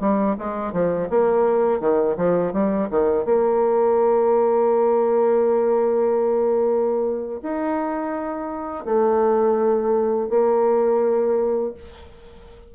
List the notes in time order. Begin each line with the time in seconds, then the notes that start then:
0.00 G3
0.38 G#3
0.72 F3
1.10 A#3
1.80 D#3
2.17 F3
2.53 G3
2.90 D#3
3.25 A#3
7.42 D#4
8.85 A3
10.29 A#3